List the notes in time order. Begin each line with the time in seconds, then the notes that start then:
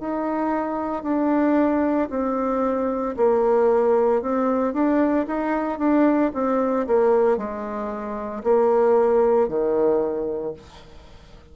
0.00 D#4
1.03 D4
2.10 C4
3.17 A#3
4.22 C4
4.74 D4
5.27 D#4
5.79 D4
6.34 C4
6.87 A#3
7.38 G#3
8.44 A#3
9.49 D#3